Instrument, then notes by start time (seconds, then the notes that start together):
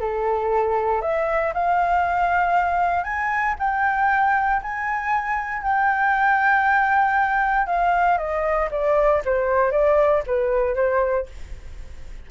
flute
0.00 A4
1.01 E5
1.53 F5
3.03 G#5
3.59 G5
4.62 G#5
5.62 G5
7.66 F5
8.17 D#5
8.71 D5
9.25 C5
9.71 D5
10.26 B4
10.75 C5